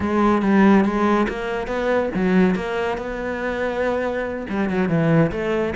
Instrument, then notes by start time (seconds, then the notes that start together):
cello
0.00 G#3
0.42 G3
0.84 G#3
1.29 A#3
1.67 B3
2.14 F#3
2.55 A#3
2.97 B3
4.49 G3
4.69 F#3
4.88 E3
5.31 A3